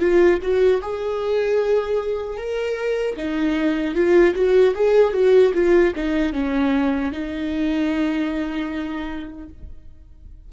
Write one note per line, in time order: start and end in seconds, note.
0.00 0.39 F4
0.42 0.82 F#4
0.82 2.38 G#4
2.38 3.17 A#4
3.17 3.95 D#4
3.95 4.35 F4
4.35 4.75 F#4
4.75 5.14 G#4
5.14 5.53 F#4
5.54 5.94 F4
5.96 6.33 D#4
6.33 7.12 C#4
7.12 9.49 D#4